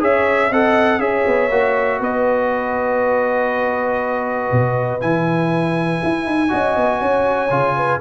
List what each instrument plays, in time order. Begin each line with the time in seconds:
0.00 tuba C#4, trombone G#4, horn C#5, trumpet E5
0.49 tuba C4, trombone A4, horn D#5, trumpet F#5
0.99 tuba C#4, trombone G#4, horn C#5, trumpet E5
1.27 tuba B3
1.51 tuba A#3, trombone F#4
2.00 tuba B3, horn B4, trumpet D#5
4.52 tuba B2
5.00 tuba E3, trombone E4, trumpet G#5
6.04 tuba E4
6.26 tuba D#4
6.49 tuba C#4, trombone F#4, horn D#5
6.76 tuba B3
7.00 tuba C#4, horn C#5
7.51 tuba C#3, trombone F4
7.76 horn B4